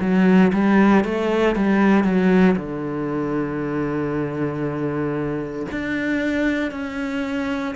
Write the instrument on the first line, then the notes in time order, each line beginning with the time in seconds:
cello
0.00 F#3
0.53 G3
1.04 A3
1.55 G3
2.04 F#3
2.56 D3
5.71 D4
6.71 C#4